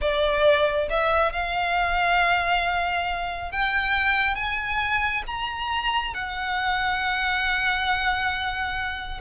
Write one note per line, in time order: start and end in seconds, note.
0.01 0.88 D5
0.89 1.32 E5
1.32 3.51 F5
3.51 4.35 G5
4.35 5.22 G#5
5.27 6.13 A#5
6.13 9.20 F#5